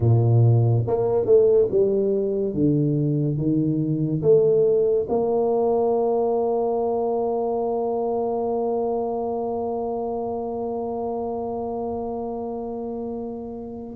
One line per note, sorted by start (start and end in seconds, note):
0.00 0.84 A#2
0.87 1.25 A#3
1.25 1.67 A3
1.71 2.54 G3
2.54 3.36 D3
3.36 4.21 D#3
4.21 5.06 A3
5.08 13.96 A#3